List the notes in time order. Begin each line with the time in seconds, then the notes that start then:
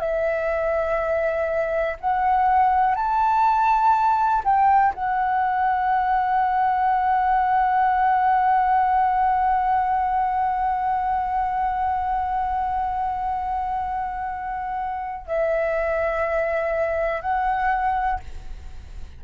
0.00 E5
2.00 F#5
2.95 A5
4.44 G5
4.94 F#5
15.26 E5
17.22 F#5